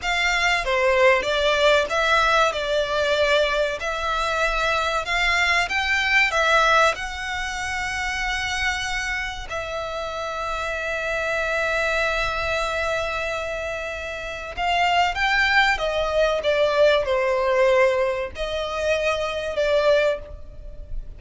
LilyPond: \new Staff \with { instrumentName = "violin" } { \time 4/4 \tempo 4 = 95 f''4 c''4 d''4 e''4 | d''2 e''2 | f''4 g''4 e''4 fis''4~ | fis''2. e''4~ |
e''1~ | e''2. f''4 | g''4 dis''4 d''4 c''4~ | c''4 dis''2 d''4 | }